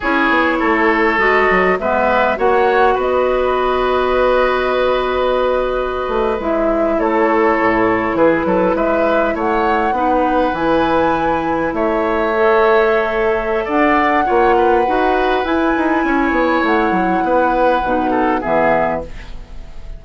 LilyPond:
<<
  \new Staff \with { instrumentName = "flute" } { \time 4/4 \tempo 4 = 101 cis''2 dis''4 e''4 | fis''4 dis''2.~ | dis''2~ dis''8. e''4 cis''16~ | cis''4.~ cis''16 b'4 e''4 fis''16~ |
fis''4.~ fis''16 gis''2 e''16~ | e''2. fis''4~ | fis''2 gis''2 | fis''2. e''4 | }
  \new Staff \with { instrumentName = "oboe" } { \time 4/4 gis'4 a'2 b'4 | cis''4 b'2.~ | b'2.~ b'8. a'16~ | a'4.~ a'16 gis'8 a'8 b'4 cis''16~ |
cis''8. b'2. cis''16~ | cis''2. d''4 | cis''8 b'2~ b'8 cis''4~ | cis''4 b'4. a'8 gis'4 | }
  \new Staff \with { instrumentName = "clarinet" } { \time 4/4 e'2 fis'4 b4 | fis'1~ | fis'2~ fis'8. e'4~ e'16~ | e'1~ |
e'8. dis'4 e'2~ e'16~ | e'8. a'2.~ a'16 | f'4 fis'4 e'2~ | e'2 dis'4 b4 | }
  \new Staff \with { instrumentName = "bassoon" } { \time 4/4 cis'8 b8 a4 gis8 fis8 gis4 | ais4 b2.~ | b2~ b16 a8 gis4 a16~ | a8. a,4 e8 fis8 gis4 a16~ |
a8. b4 e2 a16~ | a2. d'4 | ais4 dis'4 e'8 dis'8 cis'8 b8 | a8 fis8 b4 b,4 e4 | }
>>